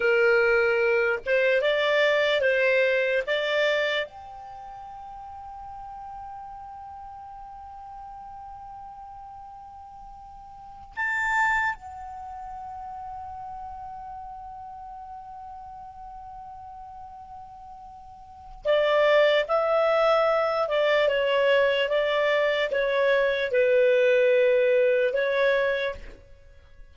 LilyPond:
\new Staff \with { instrumentName = "clarinet" } { \time 4/4 \tempo 4 = 74 ais'4. c''8 d''4 c''4 | d''4 g''2.~ | g''1~ | g''4. a''4 fis''4.~ |
fis''1~ | fis''2. d''4 | e''4. d''8 cis''4 d''4 | cis''4 b'2 cis''4 | }